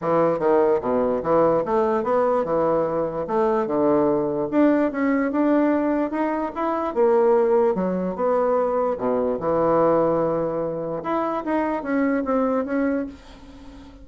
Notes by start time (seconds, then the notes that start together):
0.01 E3
0.39 D#3
0.81 B2
1.22 E3
1.65 A3
2.03 B3
2.44 E3
3.27 A3
3.66 D3
4.50 D4
4.91 C#4
5.31 D4
6.10 D#4
6.55 E4
6.94 A#3
7.75 F#3
8.15 B3
8.98 B2
9.39 E3
11.03 E4
11.44 D#4
11.82 C#4
12.24 C4
12.65 C#4